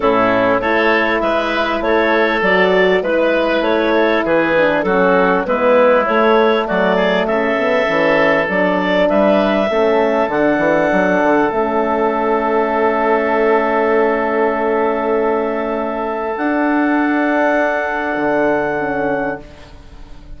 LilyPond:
<<
  \new Staff \with { instrumentName = "clarinet" } { \time 4/4 \tempo 4 = 99 a'4 cis''4 e''4 cis''4 | d''4 b'4 cis''4 b'4 | a'4 b'4 cis''4 d''4 | e''2 d''4 e''4~ |
e''4 fis''2 e''4~ | e''1~ | e''2. fis''4~ | fis''1 | }
  \new Staff \with { instrumentName = "oboe" } { \time 4/4 e'4 a'4 b'4 a'4~ | a'4 b'4. a'8 gis'4 | fis'4 e'2 fis'8 gis'8 | a'2. b'4 |
a'1~ | a'1~ | a'1~ | a'1 | }
  \new Staff \with { instrumentName = "horn" } { \time 4/4 cis'4 e'2. | fis'4 e'2~ e'8 d'8 | cis'4 b4 a2~ | a8 b8 cis'4 d'2 |
cis'4 d'2 cis'4~ | cis'1~ | cis'2. d'4~ | d'2. cis'4 | }
  \new Staff \with { instrumentName = "bassoon" } { \time 4/4 a,4 a4 gis4 a4 | fis4 gis4 a4 e4 | fis4 gis4 a4 fis4 | cis4 e4 fis4 g4 |
a4 d8 e8 fis8 d8 a4~ | a1~ | a2. d'4~ | d'2 d2 | }
>>